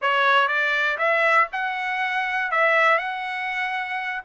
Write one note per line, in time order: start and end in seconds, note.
0.01 0.48 C#5
0.48 0.97 D5
0.98 1.47 E5
1.52 2.51 F#5
2.51 2.98 E5
2.98 4.21 F#5